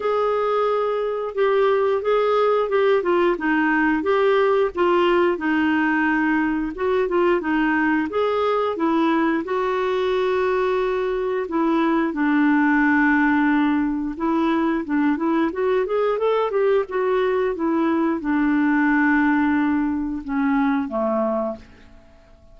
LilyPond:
\new Staff \with { instrumentName = "clarinet" } { \time 4/4 \tempo 4 = 89 gis'2 g'4 gis'4 | g'8 f'8 dis'4 g'4 f'4 | dis'2 fis'8 f'8 dis'4 | gis'4 e'4 fis'2~ |
fis'4 e'4 d'2~ | d'4 e'4 d'8 e'8 fis'8 gis'8 | a'8 g'8 fis'4 e'4 d'4~ | d'2 cis'4 a4 | }